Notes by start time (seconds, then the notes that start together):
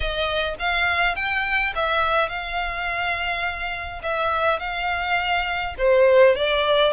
0.00 D#5
0.59 F5
1.15 G5
1.75 E5
2.28 F5
4.02 E5
4.59 F5
5.77 C5
6.35 D5